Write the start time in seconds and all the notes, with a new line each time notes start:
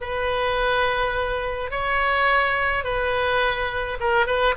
0.01 B4
1.71 C#5
2.83 B4
4.00 A#4
4.26 B4